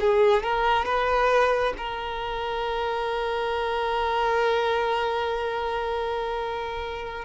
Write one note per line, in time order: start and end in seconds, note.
0.00 0.43 G#4
0.43 0.85 A#4
0.85 1.73 B4
1.77 7.25 A#4